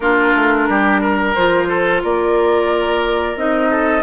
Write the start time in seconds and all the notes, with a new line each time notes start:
0.00 A#3 D4 F4 A#4
0.35 A3
0.68 G3 G4
1.01 A#4
1.34 F3 F4 C5
1.68 A4
2.02 A#3 A#4 D5
3.36 C4 D#4 D#5
3.70 A4